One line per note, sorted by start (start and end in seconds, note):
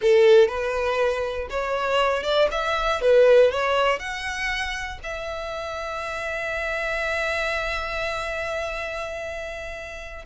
0.01 0.48 A4
0.48 1.48 B4
1.50 2.23 C#5
2.23 2.48 D5
2.51 3.01 E5
3.01 3.51 B4
3.51 3.99 C#5
3.99 4.99 F#5
5.03 10.25 E5